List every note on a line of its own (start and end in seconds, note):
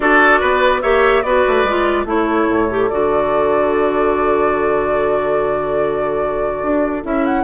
0.00 0.41 D4
0.00 0.82 F#4
0.00 0.40 A4
0.00 0.81 D5
0.40 0.83 B3
0.40 0.81 B4
0.81 1.23 A#3
0.81 1.23 G4
0.81 1.23 C#5
0.81 1.22 E5
1.22 1.43 B3
1.22 1.67 F#4
1.22 2.06 B4
1.22 2.05 D5
1.47 1.63 A3
1.63 2.05 G#3
1.63 2.06 F4
2.05 2.46 A3
2.05 2.68 E4
2.05 7.43 A4
2.05 2.89 C#5
2.49 2.90 A2
2.70 2.90 G4
2.89 6.62 D3
2.89 7.03 F#4
2.89 7.03 D5
6.62 7.03 D4
7.03 7.43 C#4
7.03 7.43 E4
7.03 7.25 E5
7.25 7.43 F#5